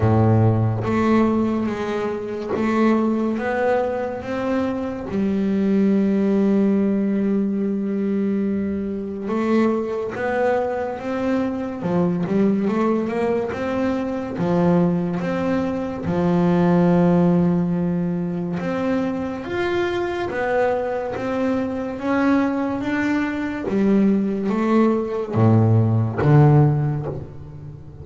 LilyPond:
\new Staff \with { instrumentName = "double bass" } { \time 4/4 \tempo 4 = 71 a,4 a4 gis4 a4 | b4 c'4 g2~ | g2. a4 | b4 c'4 f8 g8 a8 ais8 |
c'4 f4 c'4 f4~ | f2 c'4 f'4 | b4 c'4 cis'4 d'4 | g4 a4 a,4 d4 | }